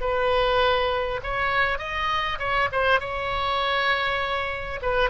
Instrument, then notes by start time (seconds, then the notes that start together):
oboe
0.00 B4
1.23 C#5
1.78 D#5
2.38 C#5
2.72 C5
3.00 C#5
4.82 B4